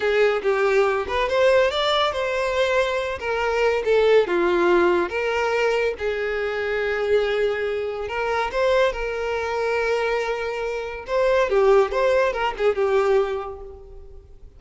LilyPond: \new Staff \with { instrumentName = "violin" } { \time 4/4 \tempo 4 = 141 gis'4 g'4. b'8 c''4 | d''4 c''2~ c''8 ais'8~ | ais'4 a'4 f'2 | ais'2 gis'2~ |
gis'2. ais'4 | c''4 ais'2.~ | ais'2 c''4 g'4 | c''4 ais'8 gis'8 g'2 | }